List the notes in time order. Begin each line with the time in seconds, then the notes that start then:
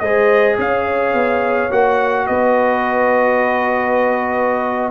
0.00 G#3 G#4 C5 D#5
0.58 C#4 C#5 F5
1.14 B3
1.71 A#3 F#4 F#5
2.27 B3 B4 D#5